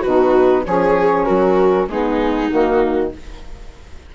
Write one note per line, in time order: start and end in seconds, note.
0.00 0.66 B2
0.00 0.65 D#4
0.00 0.62 F#4
0.00 0.64 B4
0.65 1.28 F3
0.65 1.88 C#4
0.65 1.26 G#4
0.65 1.25 C#5
1.25 1.88 F#3
1.25 1.87 F#4
1.25 1.87 A#4
1.88 2.50 G#3
1.88 2.50 B3
1.88 3.15 D#4
1.88 2.50 G#4
2.50 3.14 D#3
2.50 3.12 A#3
2.50 3.11 F#4